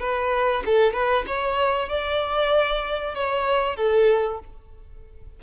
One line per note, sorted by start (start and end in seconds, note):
0.00 0.63 B4
0.65 0.93 A4
0.93 1.25 B4
1.27 1.89 C#5
1.89 3.14 D5
3.14 3.76 C#5
3.76 4.39 A4